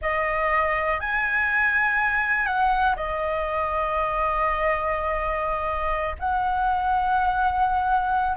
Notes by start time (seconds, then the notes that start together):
0.01 D#5
0.99 G#5
2.46 F#5
2.96 D#5
6.19 F#5